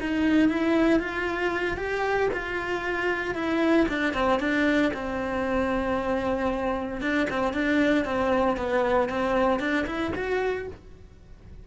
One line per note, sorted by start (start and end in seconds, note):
0.00 0.49 D#4
0.49 0.99 E4
0.99 1.77 F4
1.77 2.29 G4
2.33 3.35 F4
3.35 3.87 E4
3.88 4.13 D4
4.13 4.39 C4
4.40 4.92 D4
4.94 7.01 C4
7.01 7.27 D4
7.30 7.53 C4
7.53 8.05 D4
8.05 8.57 C4
8.57 9.09 B3
9.09 9.59 C4
9.59 9.85 D4
9.86 10.12 E4
10.15 10.67 F#4